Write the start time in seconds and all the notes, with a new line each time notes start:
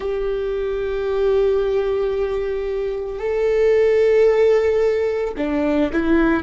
0.00 G4
3.19 A4
5.37 D4
5.92 E4